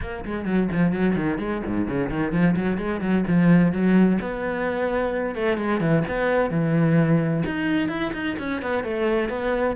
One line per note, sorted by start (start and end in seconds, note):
0.01 0.24 A#3
0.24 0.45 G#3
0.45 0.68 F#3
0.71 0.92 F3
0.92 1.15 F#3
1.15 1.38 D#3
1.38 1.62 G#3
1.66 1.88 G#2
1.88 2.09 C#3
2.09 2.32 D#3
2.32 2.55 F3
2.56 2.77 F#3
2.77 3.01 G#3
3.01 3.24 F#3
3.27 3.72 F3
3.72 4.19 F#3
4.21 5.35 B3
5.35 5.57 A3
5.57 5.80 G#3
5.80 6.03 E3
6.08 6.50 B3
6.50 7.43 E3
7.45 7.88 D#4
7.88 8.11 E4
8.13 8.36 D#4
8.38 8.62 C#4
8.62 8.83 B3
8.83 9.29 A3
9.29 9.75 B3